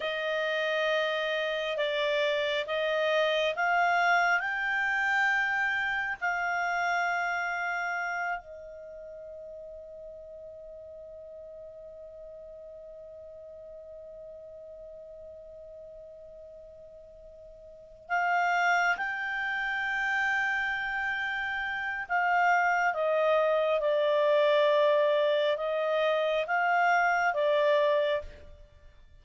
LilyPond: \new Staff \with { instrumentName = "clarinet" } { \time 4/4 \tempo 4 = 68 dis''2 d''4 dis''4 | f''4 g''2 f''4~ | f''4. dis''2~ dis''8~ | dis''1~ |
dis''1~ | dis''8 f''4 g''2~ g''8~ | g''4 f''4 dis''4 d''4~ | d''4 dis''4 f''4 d''4 | }